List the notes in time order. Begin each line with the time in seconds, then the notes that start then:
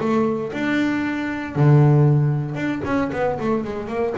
0.00 A3
0.52 D4
1.56 D3
2.55 D4
2.85 C#4
3.13 B3
3.40 A3
3.64 G#3
3.88 A#3